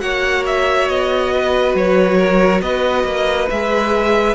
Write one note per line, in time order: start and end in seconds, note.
0.00 0.89 A#3
0.00 3.48 F#4
0.00 1.34 C#5
0.00 0.44 F#5
0.46 0.89 E5
0.89 1.75 B3
0.89 1.76 D#5
1.35 2.18 B4
1.75 2.62 F#3
1.75 2.62 C#5
2.18 2.61 A#4
2.62 3.05 B3
2.62 4.36 B4
2.62 3.49 D#5
3.05 3.48 A#3
3.50 4.36 G#3
3.50 4.36 G#4
3.50 4.36 E5